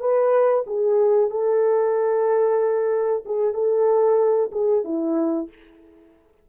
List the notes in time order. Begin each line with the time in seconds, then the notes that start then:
0.00 B4
0.67 G#4
1.30 A4
3.26 G#4
3.54 A4
4.52 G#4
4.84 E4